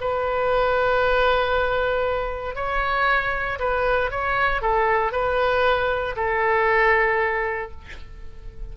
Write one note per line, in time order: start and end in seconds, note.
0.00 2.55 B4
2.55 3.58 C#5
3.59 4.11 B4
4.11 4.61 C#5
4.61 5.12 A4
5.12 6.15 B4
6.16 7.71 A4